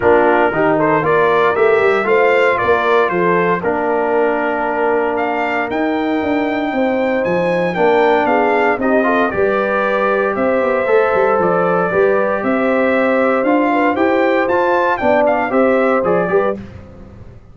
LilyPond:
<<
  \new Staff \with { instrumentName = "trumpet" } { \time 4/4 \tempo 4 = 116 ais'4. c''8 d''4 e''4 | f''4 d''4 c''4 ais'4~ | ais'2 f''4 g''4~ | g''2 gis''4 g''4 |
f''4 dis''4 d''2 | e''2 d''2 | e''2 f''4 g''4 | a''4 g''8 f''8 e''4 d''4 | }
  \new Staff \with { instrumentName = "horn" } { \time 4/4 f'4 g'8 a'8 ais'2 | c''4 ais'4 a'4 ais'4~ | ais'1~ | ais'4 c''2 ais'4 |
gis'4 g'8 a'8 b'2 | c''2. b'4 | c''2~ c''8 b'8 c''4~ | c''4 d''4 c''4. b'8 | }
  \new Staff \with { instrumentName = "trombone" } { \time 4/4 d'4 dis'4 f'4 g'4 | f'2. d'4~ | d'2. dis'4~ | dis'2. d'4~ |
d'4 dis'8 f'8 g'2~ | g'4 a'2 g'4~ | g'2 f'4 g'4 | f'4 d'4 g'4 gis'8 g'8 | }
  \new Staff \with { instrumentName = "tuba" } { \time 4/4 ais4 dis4 ais4 a8 g8 | a4 ais4 f4 ais4~ | ais2. dis'4 | d'4 c'4 f4 ais4 |
b4 c'4 g2 | c'8 b8 a8 g8 f4 g4 | c'2 d'4 e'4 | f'4 b4 c'4 f8 g8 | }
>>